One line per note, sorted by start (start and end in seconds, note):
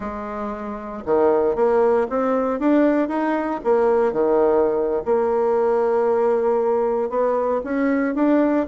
0.00 1.03 G#3
1.05 1.55 D#3
1.55 2.07 A#3
2.09 2.59 C4
2.59 3.08 D4
3.08 3.60 D#4
3.63 4.12 A#3
4.12 5.02 D#3
5.05 7.09 A#3
7.09 7.61 B3
7.64 8.14 C#4
8.14 8.66 D4